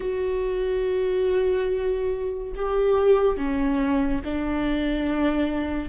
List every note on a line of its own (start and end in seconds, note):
0.00 2.52 F#4
2.55 3.37 G4
3.37 4.21 C#4
4.24 5.88 D4